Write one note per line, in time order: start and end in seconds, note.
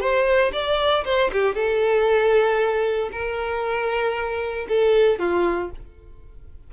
0.00 0.52 C5
0.52 1.04 D5
1.05 1.30 C5
1.32 1.54 G4
1.54 3.09 A4
3.12 4.67 A#4
4.69 5.19 A4
5.19 5.70 F4